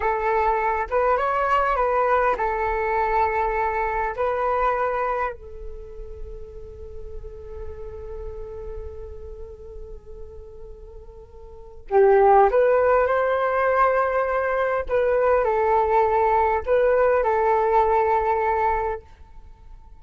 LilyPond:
\new Staff \with { instrumentName = "flute" } { \time 4/4 \tempo 4 = 101 a'4. b'8 cis''4 b'4 | a'2. b'4~ | b'4 a'2.~ | a'1~ |
a'1 | g'4 b'4 c''2~ | c''4 b'4 a'2 | b'4 a'2. | }